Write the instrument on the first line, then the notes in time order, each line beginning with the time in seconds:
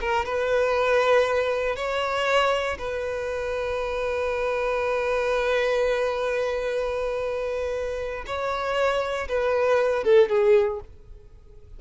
violin
0.00 A#4
0.25 B4
1.76 C#5
2.78 B4
8.26 C#5
9.28 B4
10.04 A4
10.29 G#4